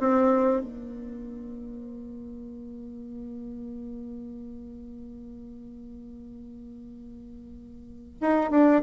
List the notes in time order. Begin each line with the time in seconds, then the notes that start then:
0.00 C4
0.62 A#3
8.21 D#4
8.51 D4